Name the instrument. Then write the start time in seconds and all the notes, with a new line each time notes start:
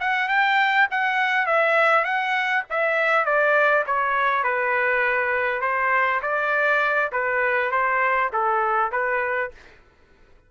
trumpet
0.00 F#5
0.28 G5
0.90 F#5
1.46 E5
2.04 F#5
2.70 E5
3.25 D5
3.86 C#5
4.43 B4
5.61 C5
6.22 D5
7.12 B4
7.71 C5
8.33 A4
8.91 B4